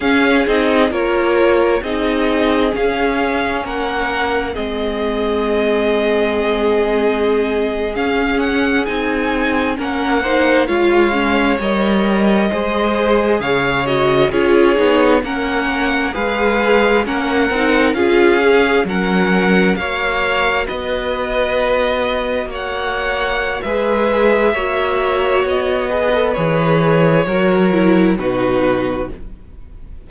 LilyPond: <<
  \new Staff \with { instrumentName = "violin" } { \time 4/4 \tempo 4 = 66 f''8 dis''8 cis''4 dis''4 f''4 | fis''4 dis''2.~ | dis''8. f''8 fis''8 gis''4 fis''4 f''16~ | f''8. dis''2 f''8 dis''8 cis''16~ |
cis''8. fis''4 f''4 fis''4 f''16~ | f''8. fis''4 f''4 dis''4~ dis''16~ | dis''8. fis''4~ fis''16 e''2 | dis''4 cis''2 b'4 | }
  \new Staff \with { instrumentName = "violin" } { \time 4/4 gis'4 ais'4 gis'2 | ais'4 gis'2.~ | gis'2~ gis'8. ais'8 c''8 cis''16~ | cis''4.~ cis''16 c''4 cis''4 gis'16~ |
gis'8. ais'4 b'4 ais'4 gis'16~ | gis'8. ais'4 cis''4 b'4~ b'16~ | b'8. cis''4~ cis''16 b'4 cis''4~ | cis''8 b'4. ais'4 fis'4 | }
  \new Staff \with { instrumentName = "viola" } { \time 4/4 cis'8 dis'8 f'4 dis'4 cis'4~ | cis'4 c'2.~ | c'8. cis'4 dis'4 cis'8 dis'8 f'16~ | f'16 cis'8 ais'4 gis'4. fis'8 f'16~ |
f'16 dis'8 cis'4 gis'4 cis'8 dis'8 f'16~ | f'16 gis'8 cis'4 fis'2~ fis'16~ | fis'2 gis'4 fis'4~ | fis'8 gis'16 a'16 gis'4 fis'8 e'8 dis'4 | }
  \new Staff \with { instrumentName = "cello" } { \time 4/4 cis'8 c'8 ais4 c'4 cis'4 | ais4 gis2.~ | gis8. cis'4 c'4 ais4 gis16~ | gis8. g4 gis4 cis4 cis'16~ |
cis'16 b8 ais4 gis4 ais8 c'8 cis'16~ | cis'8. fis4 ais4 b4~ b16~ | b8. ais4~ ais16 gis4 ais4 | b4 e4 fis4 b,4 | }
>>